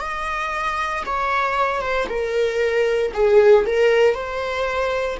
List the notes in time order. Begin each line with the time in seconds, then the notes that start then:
0.00 D#5
1.06 C#5
1.82 C5
2.09 A#4
3.14 G#4
3.66 A#4
4.14 C5